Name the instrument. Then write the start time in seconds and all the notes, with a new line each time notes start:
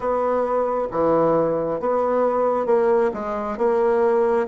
bassoon
0.00 B3
0.91 E3
1.80 B3
2.65 A#3
3.13 G#3
3.57 A#3